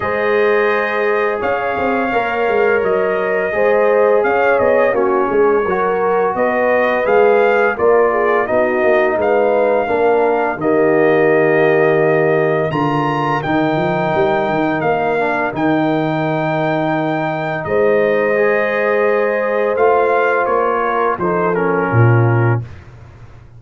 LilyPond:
<<
  \new Staff \with { instrumentName = "trumpet" } { \time 4/4 \tempo 4 = 85 dis''2 f''2 | dis''2 f''8 dis''8 cis''4~ | cis''4 dis''4 f''4 d''4 | dis''4 f''2 dis''4~ |
dis''2 ais''4 g''4~ | g''4 f''4 g''2~ | g''4 dis''2. | f''4 cis''4 c''8 ais'4. | }
  \new Staff \with { instrumentName = "horn" } { \time 4/4 c''2 cis''2~ | cis''4 c''4 cis''4 fis'8 gis'8 | ais'4 b'2 ais'8 gis'8 | fis'4 b'4 ais'4 g'4~ |
g'2 ais'2~ | ais'1~ | ais'4 c''2.~ | c''4. ais'8 a'4 f'4 | }
  \new Staff \with { instrumentName = "trombone" } { \time 4/4 gis'2. ais'4~ | ais'4 gis'2 cis'4 | fis'2 gis'4 f'4 | dis'2 d'4 ais4~ |
ais2 f'4 dis'4~ | dis'4. d'8 dis'2~ | dis'2 gis'2 | f'2 dis'8 cis'4. | }
  \new Staff \with { instrumentName = "tuba" } { \time 4/4 gis2 cis'8 c'8 ais8 gis8 | fis4 gis4 cis'8 b8 ais8 gis8 | fis4 b4 gis4 ais4 | b8 ais8 gis4 ais4 dis4~ |
dis2 d4 dis8 f8 | g8 dis8 ais4 dis2~ | dis4 gis2. | a4 ais4 f4 ais,4 | }
>>